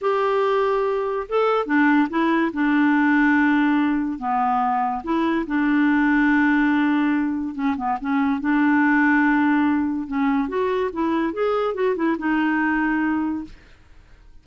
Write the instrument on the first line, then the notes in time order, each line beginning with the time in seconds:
clarinet
0.01 G4
1.28 A4
1.66 D4
2.09 E4
2.53 D4
4.18 B3
5.03 E4
5.46 D4
7.54 C#4
7.77 B3
8.00 C#4
8.40 D4
10.07 C#4
10.48 F#4
10.92 E4
11.33 G#4
11.74 F#4
11.95 E4
12.18 D#4